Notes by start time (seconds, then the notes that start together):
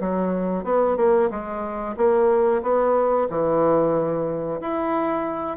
0.00 F#3
0.64 B3
0.97 A#3
1.31 G#3
1.97 A#3
2.63 B3
3.30 E3
4.61 E4